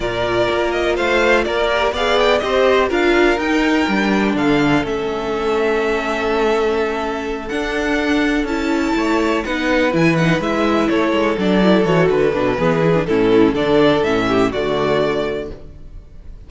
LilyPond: <<
  \new Staff \with { instrumentName = "violin" } { \time 4/4 \tempo 4 = 124 d''4. dis''8 f''4 d''4 | f''8 g''8 dis''4 f''4 g''4~ | g''4 f''4 e''2~ | e''2.~ e''8 fis''8~ |
fis''4. a''2 fis''8~ | fis''8 gis''8 fis''8 e''4 cis''4 d''8~ | d''8 cis''8 b'2 a'4 | d''4 e''4 d''2 | }
  \new Staff \with { instrumentName = "violin" } { \time 4/4 ais'2 c''4 ais'4 | d''4 c''4 ais'2~ | ais'4 a'2.~ | a'1~ |
a'2~ a'8 cis''4 b'8~ | b'2~ b'8 a'4.~ | a'2 gis'4 e'4 | a'4. g'8 fis'2 | }
  \new Staff \with { instrumentName = "viola" } { \time 4/4 f'2.~ f'8 g'8 | gis'4 g'4 f'4 dis'4 | d'2 cis'2~ | cis'2.~ cis'8 d'8~ |
d'4. e'2 dis'8~ | dis'8 e'8 dis'8 e'2 d'8 | e'8 fis'4 d'8 b8 e'16 d'16 cis'4 | d'4 cis'4 a2 | }
  \new Staff \with { instrumentName = "cello" } { \time 4/4 ais,4 ais4 a4 ais4 | b4 c'4 d'4 dis'4 | g4 d4 a2~ | a2.~ a8 d'8~ |
d'4. cis'4 a4 b8~ | b8 e4 gis4 a8 gis8 fis8~ | fis8 e8 d8 b,8 e4 a,4 | d4 a,4 d2 | }
>>